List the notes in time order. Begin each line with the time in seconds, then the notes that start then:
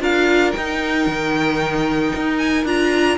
0.00 D4 F4 A#4 F5
0.52 D#4 G5
1.07 D#3
2.15 D#4
2.38 G#5
2.64 D4 F4 A#5